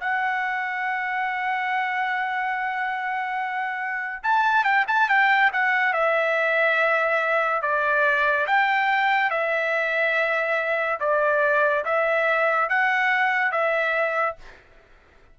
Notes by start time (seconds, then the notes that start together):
0.00 F#5
4.23 A5
4.64 G5
4.87 A5
5.09 G5
5.53 F#5
5.93 E5
7.62 D5
8.47 G5
9.30 E5
11.00 D5
11.85 E5
12.69 F#5
13.51 E5